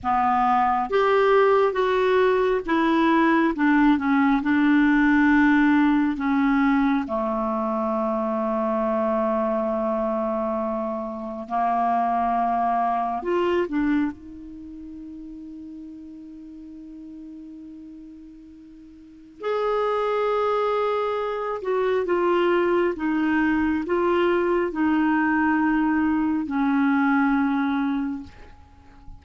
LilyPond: \new Staff \with { instrumentName = "clarinet" } { \time 4/4 \tempo 4 = 68 b4 g'4 fis'4 e'4 | d'8 cis'8 d'2 cis'4 | a1~ | a4 ais2 f'8 d'8 |
dis'1~ | dis'2 gis'2~ | gis'8 fis'8 f'4 dis'4 f'4 | dis'2 cis'2 | }